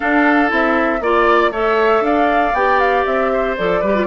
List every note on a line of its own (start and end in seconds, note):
0.00 0.47 D4
0.00 0.51 D4
0.00 1.00 A4
0.00 0.51 F5
0.47 1.00 C4
0.47 0.98 E4
0.47 1.02 E5
1.00 1.50 A#3
1.00 1.52 F4
1.00 1.53 D5
1.00 1.51 D5
1.50 2.01 A3
1.50 2.54 A4
1.50 2.02 C#5
1.50 2.04 E5
2.01 2.51 D4
2.01 3.32 D5
2.01 2.54 F5
2.53 3.04 B3
2.53 3.57 G4
2.53 2.79 G5
2.79 3.04 F5
3.05 3.57 C4
3.05 3.56 E5
3.32 3.80 C5
3.57 3.82 F3
3.57 3.83 A4
3.57 4.07 D5
3.80 4.07 G3
3.80 3.95 G4
3.80 4.06 B4
3.95 4.07 F4